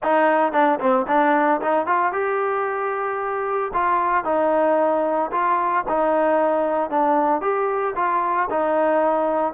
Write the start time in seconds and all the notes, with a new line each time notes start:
0.03 D#4
0.52 D4
0.79 C4
1.07 D4
1.61 D#4
1.86 F4
2.12 G4
3.73 F4
4.24 D#4
5.31 F4
5.88 D#4
6.90 D4
7.41 G4
7.95 F4
8.50 D#4